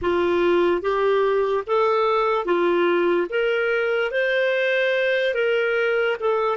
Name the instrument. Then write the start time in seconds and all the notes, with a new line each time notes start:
clarinet
0.01 F4
0.81 G4
1.67 A4
2.45 F4
3.29 A#4
4.11 C5
5.34 A#4
6.20 A4